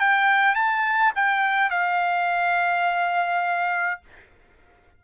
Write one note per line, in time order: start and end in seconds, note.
0.00 0.55 G5
0.55 1.13 A5
1.16 1.70 G5
1.70 4.01 F5